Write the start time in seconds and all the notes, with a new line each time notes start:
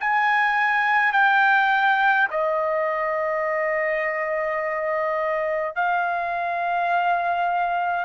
0.00 G#5
1.13 G5
2.31 D#5
5.75 F5